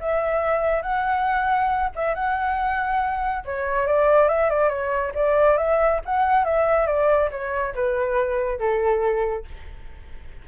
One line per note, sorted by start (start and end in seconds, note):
0.00 0.82 E5
0.82 1.90 F#5
1.95 2.14 E5
2.14 3.44 F#5
3.45 3.87 C#5
3.87 4.29 D5
4.29 4.50 E5
4.50 4.69 D5
4.69 5.12 C#5
5.14 5.57 D5
5.57 6.00 E5
6.05 6.45 F#5
6.45 6.87 E5
6.87 7.30 D5
7.31 7.74 C#5
7.75 8.59 B4
8.59 9.45 A4